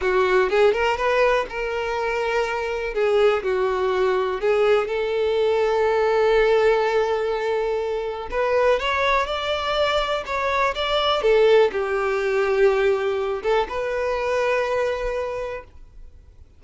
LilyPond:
\new Staff \with { instrumentName = "violin" } { \time 4/4 \tempo 4 = 123 fis'4 gis'8 ais'8 b'4 ais'4~ | ais'2 gis'4 fis'4~ | fis'4 gis'4 a'2~ | a'1~ |
a'4 b'4 cis''4 d''4~ | d''4 cis''4 d''4 a'4 | g'2.~ g'8 a'8 | b'1 | }